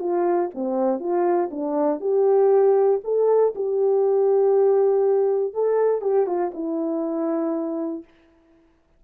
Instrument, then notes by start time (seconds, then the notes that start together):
horn
0.00 F4
0.54 C4
1.00 F4
1.51 D4
2.01 G4
3.04 A4
3.55 G4
5.54 A4
6.01 G4
6.27 F4
6.54 E4